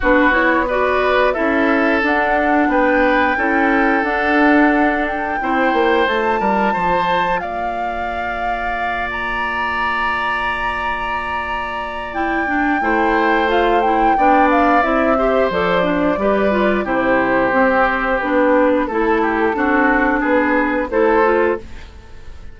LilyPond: <<
  \new Staff \with { instrumentName = "flute" } { \time 4/4 \tempo 4 = 89 b'8 cis''8 d''4 e''4 fis''4 | g''2 fis''4. g''8~ | g''4 a''2 f''4~ | f''4. ais''2~ ais''8~ |
ais''2 g''2 | f''8 g''4 f''8 e''4 d''4~ | d''4 c''2 b'4 | a'2 b'4 c''4 | }
  \new Staff \with { instrumentName = "oboe" } { \time 4/4 fis'4 b'4 a'2 | b'4 a'2. | c''4. ais'8 c''4 d''4~ | d''1~ |
d''2. c''4~ | c''4 d''4. c''4. | b'4 g'2. | a'8 g'8 fis'4 gis'4 a'4 | }
  \new Staff \with { instrumentName = "clarinet" } { \time 4/4 d'8 e'8 fis'4 e'4 d'4~ | d'4 e'4 d'2 | e'4 f'2.~ | f'1~ |
f'2 e'8 d'8 e'4 | f'8 e'8 d'4 e'8 g'8 a'8 d'8 | g'8 f'8 e'4 c'4 d'4 | e'4 d'2 e'8 f'8 | }
  \new Staff \with { instrumentName = "bassoon" } { \time 4/4 b2 cis'4 d'4 | b4 cis'4 d'2 | c'8 ais8 a8 g8 f4 ais4~ | ais1~ |
ais2. a4~ | a4 b4 c'4 f4 | g4 c4 c'4 b4 | a4 c'4 b4 a4 | }
>>